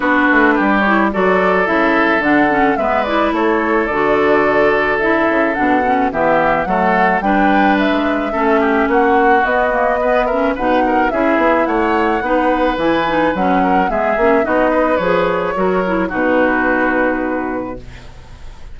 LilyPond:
<<
  \new Staff \with { instrumentName = "flute" } { \time 4/4 \tempo 4 = 108 b'4. cis''8 d''4 e''4 | fis''4 e''8 d''8 cis''4 d''4~ | d''4 e''4 fis''4 e''4 | fis''4 g''4 e''2 |
fis''4 dis''4. e''8 fis''4 | e''4 fis''2 gis''4 | fis''4 e''4 dis''4 cis''4~ | cis''4 b'2. | }
  \new Staff \with { instrumentName = "oboe" } { \time 4/4 fis'4 g'4 a'2~ | a'4 b'4 a'2~ | a'2. g'4 | a'4 b'2 a'8 g'8 |
fis'2 b'8 ais'8 b'8 ais'8 | gis'4 cis''4 b'2~ | b'8 ais'8 gis'4 fis'8 b'4. | ais'4 fis'2. | }
  \new Staff \with { instrumentName = "clarinet" } { \time 4/4 d'4. e'8 fis'4 e'4 | d'8 cis'8 b8 e'4. fis'4~ | fis'4 e'4 d'8 cis'8 b4 | a4 d'2 cis'4~ |
cis'4 b8 ais8 b8 cis'8 dis'4 | e'2 dis'4 e'8 dis'8 | cis'4 b8 cis'8 dis'4 gis'4 | fis'8 e'8 dis'2. | }
  \new Staff \with { instrumentName = "bassoon" } { \time 4/4 b8 a8 g4 fis4 cis4 | d4 gis4 a4 d4~ | d4. cis8 b,4 e4 | fis4 g4~ g16 gis8. a4 |
ais4 b2 b,4 | cis'8 b8 a4 b4 e4 | fis4 gis8 ais8 b4 f4 | fis4 b,2. | }
>>